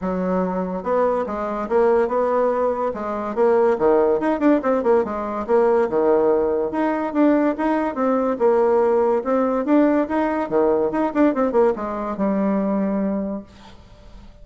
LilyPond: \new Staff \with { instrumentName = "bassoon" } { \time 4/4 \tempo 4 = 143 fis2 b4 gis4 | ais4 b2 gis4 | ais4 dis4 dis'8 d'8 c'8 ais8 | gis4 ais4 dis2 |
dis'4 d'4 dis'4 c'4 | ais2 c'4 d'4 | dis'4 dis4 dis'8 d'8 c'8 ais8 | gis4 g2. | }